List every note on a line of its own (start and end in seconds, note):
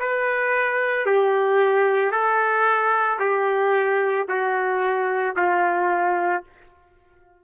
0.00 1.06 B4
1.06 2.12 G4
2.12 3.19 A4
3.20 4.27 G4
4.29 5.36 F#4
5.37 6.44 F4